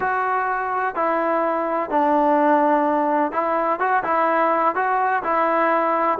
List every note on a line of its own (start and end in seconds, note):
0.00 0.95 F#4
0.95 1.90 E4
1.90 3.32 D4
3.32 3.79 E4
3.79 4.03 F#4
4.03 4.75 E4
4.75 5.22 F#4
5.23 6.18 E4